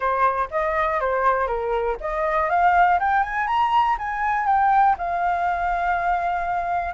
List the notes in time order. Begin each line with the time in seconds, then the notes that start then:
0.00 C5
0.50 D#5
1.00 C5
1.47 A#4
2.00 D#5
2.49 F5
2.99 G5
3.23 G#5
3.47 A#5
3.98 G#5
4.46 G5
4.98 F5